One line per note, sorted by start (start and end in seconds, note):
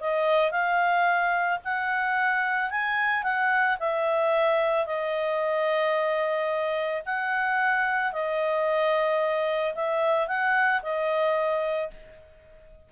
0.00 0.51 D#5
0.51 1.59 F5
1.64 2.71 F#5
2.71 3.23 G#5
3.23 3.77 F#5
3.80 4.86 E5
4.86 7.02 D#5
7.06 8.12 F#5
8.12 9.74 D#5
9.75 10.28 E5
10.28 10.82 F#5
10.82 11.90 D#5